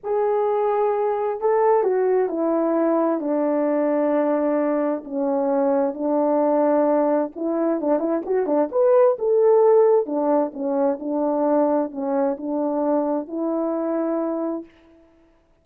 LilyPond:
\new Staff \with { instrumentName = "horn" } { \time 4/4 \tempo 4 = 131 gis'2. a'4 | fis'4 e'2 d'4~ | d'2. cis'4~ | cis'4 d'2. |
e'4 d'8 e'8 fis'8 d'8 b'4 | a'2 d'4 cis'4 | d'2 cis'4 d'4~ | d'4 e'2. | }